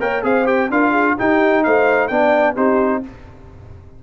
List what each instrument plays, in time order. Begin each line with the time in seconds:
0.00 tuba A#3, trombone A#4, horn C#5, trumpet G5
0.22 tuba C4, trombone G#4, horn C5, trumpet F5
0.45 trombone G4, trumpet G5
0.70 tuba D4, trombone F4, horn A#4, trumpet F5
0.90 horn G#4
1.18 trombone D#4, tuba D#4, horn G4, trumpet G5
1.64 tuba A3, horn C5, trumpet F5
2.08 tuba B3, trombone D4, horn D5, trumpet G5
2.56 tuba C4, trombone D#4, horn G4, trumpet C5